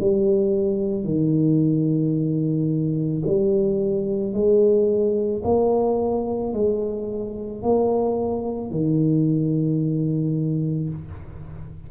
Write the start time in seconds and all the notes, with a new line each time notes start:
0.00 G3
1.05 D#3
3.26 G3
4.33 G#3
5.44 A#3
6.54 G#3
7.62 A#3
8.71 D#3